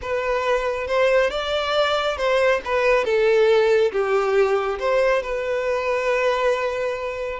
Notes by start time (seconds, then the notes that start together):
0.01 B4
0.87 C5
1.30 D5
2.17 C5
2.64 B4
3.04 A4
3.92 G4
4.79 C5
5.22 B4